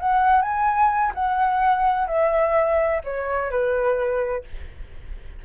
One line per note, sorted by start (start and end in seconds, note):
0.00 0.42 F#5
0.42 1.13 G#5
1.15 2.08 F#5
2.08 3.02 E5
3.04 3.51 C#5
3.51 4.45 B4